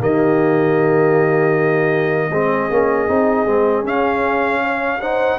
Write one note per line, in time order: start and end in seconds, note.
0.00 2.31 D#3
0.00 2.31 A#3
0.00 2.30 G4
0.00 3.86 D#5
2.30 2.69 G#3
2.30 2.70 C4
2.30 4.61 G#4
2.70 3.08 A#3
2.70 3.08 C#4
3.08 3.45 C4
3.08 3.46 D#4
3.45 3.83 G#3
3.45 3.83 C4
3.83 4.99 C#4
3.83 5.37 C#4
3.83 5.01 F5
4.61 5.00 C#5
5.00 5.39 D#4
5.00 5.39 C5
5.00 5.39 F#5